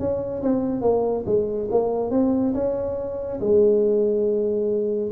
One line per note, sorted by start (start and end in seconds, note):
0.00 0.43 C#4
0.43 0.82 C4
0.82 1.25 A#3
1.26 1.69 G#3
1.71 2.11 A#3
2.11 2.54 C4
2.54 3.40 C#4
3.41 5.12 G#3